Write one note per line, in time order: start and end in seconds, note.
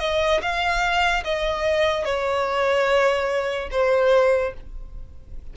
0.00 0.41 D#5
0.42 1.24 F5
1.24 2.05 D#5
2.05 3.69 C#5
3.72 4.54 C5